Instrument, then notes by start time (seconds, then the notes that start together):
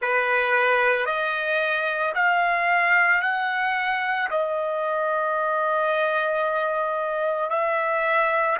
trumpet
0.01 B4
1.05 D#5
2.14 F5
3.21 F#5
4.30 D#5
7.50 E5